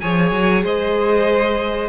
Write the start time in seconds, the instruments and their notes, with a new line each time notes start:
0.00 cello F3, viola G#4, violin C#5 G#5
0.31 cello F#3
0.63 cello G#3, violin C5 D#5